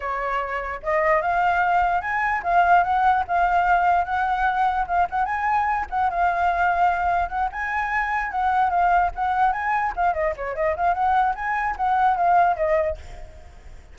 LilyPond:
\new Staff \with { instrumentName = "flute" } { \time 4/4 \tempo 4 = 148 cis''2 dis''4 f''4~ | f''4 gis''4 f''4 fis''4 | f''2 fis''2 | f''8 fis''8 gis''4. fis''8 f''4~ |
f''2 fis''8 gis''4.~ | gis''8 fis''4 f''4 fis''4 gis''8~ | gis''8 f''8 dis''8 cis''8 dis''8 f''8 fis''4 | gis''4 fis''4 f''4 dis''4 | }